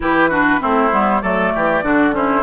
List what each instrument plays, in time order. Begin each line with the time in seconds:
0.00 bassoon E3, clarinet E4, oboe G4, flute B4
0.29 clarinet D4, oboe F#4
0.60 bassoon A3, clarinet C4, oboe E4, flute C5
0.91 bassoon G3, clarinet B3
1.21 bassoon F#3, clarinet A3, oboe A4, flute D5
1.54 bassoon E3, oboe G4
1.82 bassoon D3, clarinet D4, oboe F#4
2.11 clarinet C#4, oboe E4, flute C5